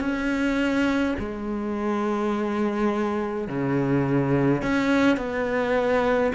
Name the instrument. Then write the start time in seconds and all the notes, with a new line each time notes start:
cello
0.00 C#4
1.19 G#3
3.48 C#3
4.63 C#4
5.17 B3